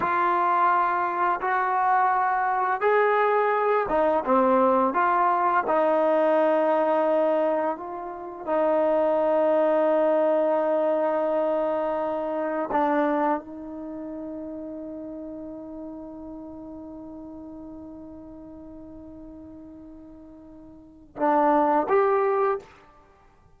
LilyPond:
\new Staff \with { instrumentName = "trombone" } { \time 4/4 \tempo 4 = 85 f'2 fis'2 | gis'4. dis'8 c'4 f'4 | dis'2. f'4 | dis'1~ |
dis'2 d'4 dis'4~ | dis'1~ | dis'1~ | dis'2 d'4 g'4 | }